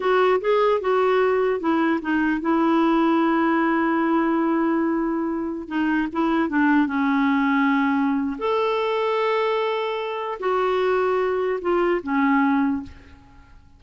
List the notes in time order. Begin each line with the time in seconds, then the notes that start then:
0.00 F#4
0.41 G#4
0.81 F#4
1.60 E4
2.01 D#4
2.40 E4
5.68 D#4
6.12 E4
6.49 D4
6.86 C#4
8.38 A4
10.39 F#4
11.61 F4
12.03 C#4